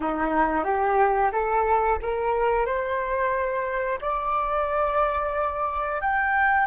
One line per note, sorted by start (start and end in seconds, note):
0.00 0.64 D#4
0.64 1.30 G4
1.32 1.98 A4
2.02 2.65 A#4
2.65 3.99 C5
4.01 6.01 D5
6.01 6.66 G5